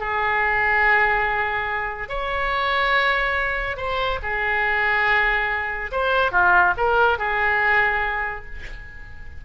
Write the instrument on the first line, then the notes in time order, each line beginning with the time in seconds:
oboe
0.00 G#4
2.09 C#5
3.77 C5
4.22 G#4
5.92 C5
6.32 F4
6.78 A#4
7.19 G#4